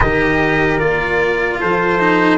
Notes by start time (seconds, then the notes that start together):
0.00 D#3 G4 A#4 D#5
0.79 A#3 F4 D5
1.60 F3 A4 C5
1.99 D#4